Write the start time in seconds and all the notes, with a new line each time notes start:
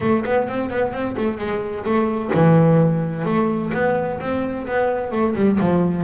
0.00 A3
0.25 B3
0.48 C4
0.70 B3
0.92 C4
1.17 A3
1.38 G#3
1.84 A3
2.34 E3
3.25 A3
3.73 B3
4.20 C4
4.66 B3
5.11 A3
5.35 G3
5.60 F3